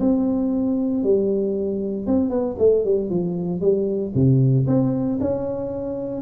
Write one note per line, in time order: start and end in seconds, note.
0.00 1.03 C4
1.04 2.07 G3
2.07 2.30 C4
2.30 2.56 B3
2.59 2.84 A3
2.85 3.10 G3
3.10 3.61 F3
3.61 4.12 G3
4.14 4.66 C3
4.67 5.19 C4
5.21 6.22 C#4